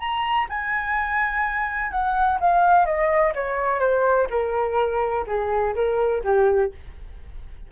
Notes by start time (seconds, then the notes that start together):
0.00 A#5
0.50 G#5
1.91 F#5
2.41 F5
2.86 D#5
3.35 C#5
3.80 C5
4.30 A#4
5.27 G#4
5.75 A#4
6.24 G4